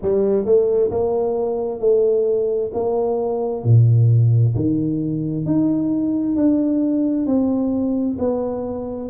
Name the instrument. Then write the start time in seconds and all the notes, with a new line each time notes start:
tuba
0.02 G3
0.45 A3
0.90 A#3
1.80 A3
2.73 A#3
3.64 A#2
4.55 D#3
5.45 D#4
6.36 D4
7.26 C4
8.18 B3